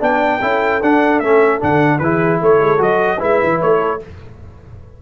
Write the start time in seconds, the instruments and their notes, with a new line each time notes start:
0.00 tuba B3, trombone D4, horn D5, trumpet G5
0.41 tuba C#4, trombone E4, horn A4
0.82 tuba D4, trombone D4, trumpet F#5
1.20 tuba A3, trombone C#4, trumpet E5
1.60 tuba D3, trombone D4, trumpet F#5
1.99 tuba E3, trombone E4, horn G#4, trumpet B4
2.42 tuba A3, horn A4, trumpet C#5
2.60 tuba G#3
2.78 tuba F#3, trombone F#4, trumpet D#5
3.19 tuba G#3, trombone E4, horn B4, trumpet E5
3.43 tuba E3
3.62 tuba A3, trumpet C#5
3.80 horn A4